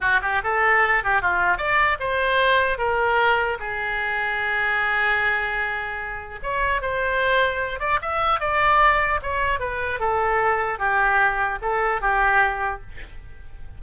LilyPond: \new Staff \with { instrumentName = "oboe" } { \time 4/4 \tempo 4 = 150 fis'8 g'8 a'4. g'8 f'4 | d''4 c''2 ais'4~ | ais'4 gis'2.~ | gis'1 |
cis''4 c''2~ c''8 d''8 | e''4 d''2 cis''4 | b'4 a'2 g'4~ | g'4 a'4 g'2 | }